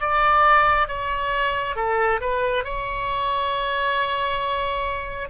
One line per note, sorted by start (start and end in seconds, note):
0.00 0.88 D5
0.88 1.76 C#5
1.76 2.20 A4
2.20 2.64 B4
2.64 5.29 C#5